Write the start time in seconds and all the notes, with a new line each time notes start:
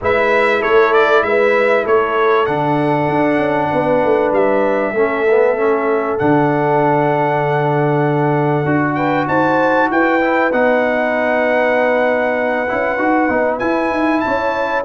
0.01 G#3 E4 B4 E5
0.60 A3 A4 C#5
0.93 D5
1.23 G#3 B4 E5
1.83 A3 A4 C#5
2.46 D3 D4 F#5
3.08 D4
3.37 C#4
3.70 B3 B4
4.04 A3
4.32 G3 E5
4.93 A3 C#4 A4
5.30 B3
5.57 C#4
6.18 D3 D4 F#5
8.64 D4 F#4
8.94 B4 G5
9.27 D#4 C5 A5
9.91 E4 B4 G5
10.20 E4
10.51 B3 D#4 F#5
12.67 C#4 E4
12.97 D#4 F#4
13.29 B3 D#4
13.59 E4 G#5
13.90 D#4
14.20 C#5 A5
14.26 C#4